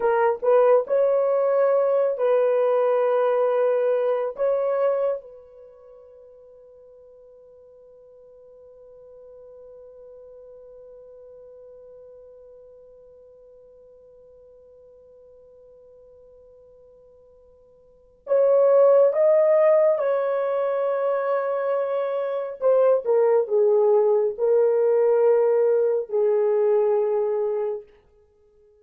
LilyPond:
\new Staff \with { instrumentName = "horn" } { \time 4/4 \tempo 4 = 69 ais'8 b'8 cis''4. b'4.~ | b'4 cis''4 b'2~ | b'1~ | b'1~ |
b'1~ | b'4 cis''4 dis''4 cis''4~ | cis''2 c''8 ais'8 gis'4 | ais'2 gis'2 | }